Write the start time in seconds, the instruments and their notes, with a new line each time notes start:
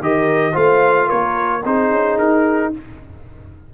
0.00 tuba D#3, trombone G4, horn A#4, trumpet D#5
0.52 tuba A3, trombone F4, horn C5, trumpet F5
1.06 tuba A#3, horn A#4, trumpet C#5
1.64 tuba C4, trombone D#4, horn G#4, trumpet C5
1.90 tuba C#4
2.18 tuba D#4, trumpet A#4